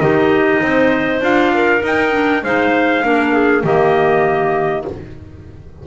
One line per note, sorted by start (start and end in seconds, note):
0.00 0.62 D#3
0.00 1.22 D#4
0.00 0.62 G4
0.00 1.21 D#5
0.62 1.21 C4
0.62 1.53 C5
1.21 1.82 D4
1.21 1.80 F4
1.21 1.85 F5
1.54 2.44 A#4
1.80 2.10 D#4
1.80 2.43 D#4
1.87 2.44 G5
2.11 2.41 D4
2.43 3.04 G#3
2.43 3.03 D#4
2.43 3.05 C5
2.43 3.66 F5
3.03 3.64 A#3
3.03 3.64 D4
3.03 3.33 A#4
3.33 3.63 G#4
3.64 4.85 D#3
3.64 4.85 A#3
3.64 4.85 G4
3.64 4.87 D#5